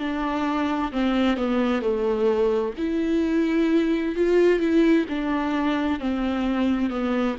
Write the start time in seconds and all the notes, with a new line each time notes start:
0.00 D4
0.92 C4
1.37 B3
1.82 A3
2.78 E4
4.16 F4
4.60 E4
5.09 D4
6.00 C4
6.91 B3